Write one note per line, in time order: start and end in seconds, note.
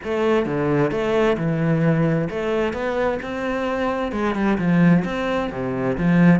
0.04 0.45 A3
0.45 0.91 D3
0.91 1.36 A3
1.37 2.28 E3
2.30 2.73 A3
2.73 3.18 B3
3.22 4.12 C4
4.12 4.34 G#3
4.34 4.57 G3
4.58 5.04 F3
5.04 5.50 C4
5.51 5.97 C3
5.97 6.40 F3